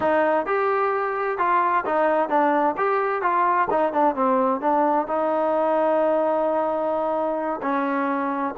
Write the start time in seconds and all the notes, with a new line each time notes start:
0.00 D#4
0.46 G4
1.38 F4
1.85 D#4
2.29 D4
2.77 G4
3.22 F4
3.70 D#4
3.93 D4
4.15 C4
4.60 D4
5.07 D#4
7.62 C#4